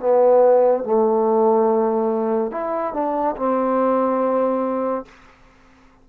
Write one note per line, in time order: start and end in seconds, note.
0.00 0.84 B3
0.84 2.52 A3
2.52 2.94 E4
2.94 3.36 D4
3.37 5.06 C4